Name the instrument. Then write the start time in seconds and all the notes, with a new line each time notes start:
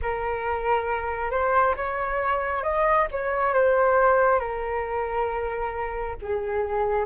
flute
0.02 A#4
1.30 C5
1.76 C#5
2.63 D#5
3.11 C#5
3.53 C5
4.39 A#4
6.21 G#4